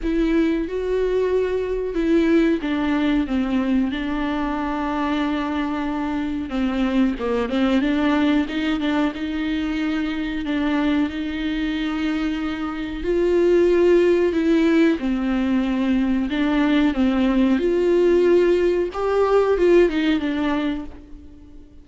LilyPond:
\new Staff \with { instrumentName = "viola" } { \time 4/4 \tempo 4 = 92 e'4 fis'2 e'4 | d'4 c'4 d'2~ | d'2 c'4 ais8 c'8 | d'4 dis'8 d'8 dis'2 |
d'4 dis'2. | f'2 e'4 c'4~ | c'4 d'4 c'4 f'4~ | f'4 g'4 f'8 dis'8 d'4 | }